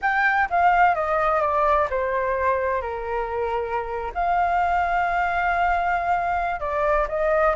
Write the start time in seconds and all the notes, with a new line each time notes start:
0.01 G5
0.49 F5
0.94 D#5
1.41 D5
1.89 C5
2.81 A#4
4.14 F5
6.60 D5
7.08 D#5